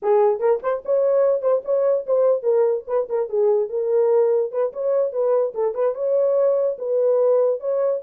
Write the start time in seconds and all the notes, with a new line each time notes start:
0.02 G#4
0.39 A#4
0.62 C5
0.85 C#5
1.41 C5
1.64 C#5
2.06 C5
2.42 A#4
2.87 B4
3.09 A#4
3.29 G#4
3.69 A#4
4.51 B4
4.73 C#5
5.12 B4
5.54 A4
5.74 B4
5.94 C#5
6.78 B4
7.60 C#5